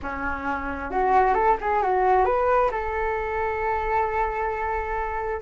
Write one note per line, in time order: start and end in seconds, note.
0.02 0.90 C#4
0.90 1.34 F#4
1.34 1.56 A4
1.60 1.82 G#4
1.82 2.25 F#4
2.25 2.70 B4
2.71 5.41 A4